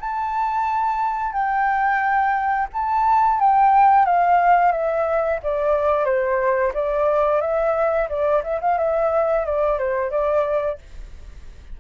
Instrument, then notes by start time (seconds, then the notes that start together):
flute
0.00 A5
1.33 G5
2.73 A5
3.40 G5
4.05 F5
4.72 E5
5.43 D5
6.05 C5
6.74 D5
7.41 E5
8.09 D5
8.43 E5
8.61 F5
8.78 E5
9.45 D5
9.79 C5
10.11 D5